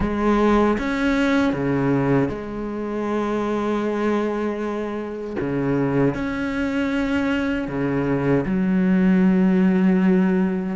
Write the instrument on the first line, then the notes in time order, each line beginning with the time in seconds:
cello
0.00 G#3
0.78 C#4
1.53 C#3
2.28 G#3
5.40 C#3
6.14 C#4
7.67 C#3
8.45 F#3